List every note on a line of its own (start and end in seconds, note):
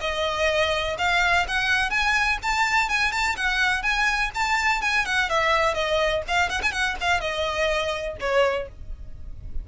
0.00 0.96 D#5
0.98 1.46 F5
1.47 1.90 F#5
1.90 2.38 G#5
2.42 2.89 A5
2.89 3.12 G#5
3.12 3.36 A5
3.36 3.82 F#5
3.82 4.30 G#5
4.34 4.81 A5
4.81 5.05 G#5
5.05 5.29 F#5
5.29 5.74 E5
5.74 6.22 D#5
6.27 6.49 F5
6.49 6.61 F#5
6.62 6.72 G#5
6.72 6.96 F#5
7.00 7.20 F5
7.20 8.16 D#5
8.20 8.68 C#5